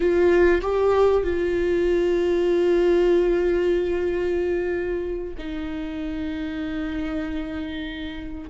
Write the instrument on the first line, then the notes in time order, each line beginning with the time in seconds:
viola
0.00 F4
0.61 G4
1.23 F4
5.38 D#4